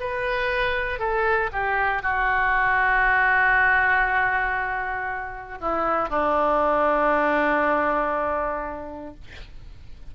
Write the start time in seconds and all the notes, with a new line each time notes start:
0.00 B4
0.99 A4
1.53 G4
2.02 F#4
5.61 E4
6.10 D4